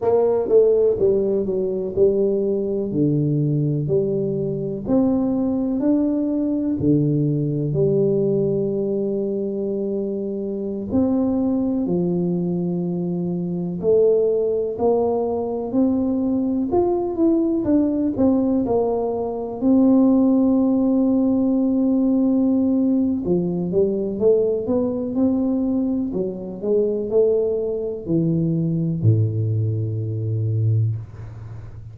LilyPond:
\new Staff \with { instrumentName = "tuba" } { \time 4/4 \tempo 4 = 62 ais8 a8 g8 fis8 g4 d4 | g4 c'4 d'4 d4 | g2.~ g16 c'8.~ | c'16 f2 a4 ais8.~ |
ais16 c'4 f'8 e'8 d'8 c'8 ais8.~ | ais16 c'2.~ c'8. | f8 g8 a8 b8 c'4 fis8 gis8 | a4 e4 a,2 | }